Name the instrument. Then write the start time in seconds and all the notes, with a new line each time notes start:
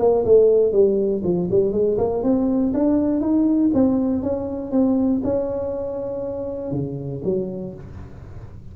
tuba
0.00 A#3
0.25 A3
0.73 G3
1.24 F3
1.51 G3
1.73 G#3
1.98 A#3
2.23 C4
2.74 D4
3.21 D#4
3.74 C4
4.23 C#4
4.72 C4
5.24 C#4
6.72 C#3
7.25 F#3